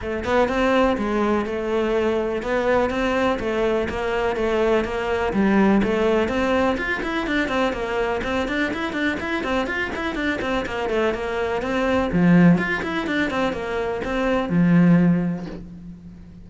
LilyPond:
\new Staff \with { instrumentName = "cello" } { \time 4/4 \tempo 4 = 124 a8 b8 c'4 gis4 a4~ | a4 b4 c'4 a4 | ais4 a4 ais4 g4 | a4 c'4 f'8 e'8 d'8 c'8 |
ais4 c'8 d'8 e'8 d'8 e'8 c'8 | f'8 e'8 d'8 c'8 ais8 a8 ais4 | c'4 f4 f'8 e'8 d'8 c'8 | ais4 c'4 f2 | }